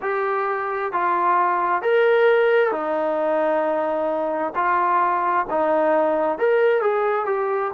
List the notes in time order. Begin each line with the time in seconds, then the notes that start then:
0.01 G4
0.92 F4
1.82 A#4
2.71 D#4
4.55 F4
5.50 D#4
6.38 A#4
6.81 G#4
7.25 G4